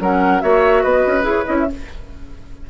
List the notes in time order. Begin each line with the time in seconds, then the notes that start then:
0.00 F#3 C#4 A#4 F#5
0.41 A#3 F#4 C#5 E5
0.83 B3 B4 D#5
1.07 C#4
1.22 E4 G#4
1.28 C#5
1.46 C#4 E4 D#5
1.60 E5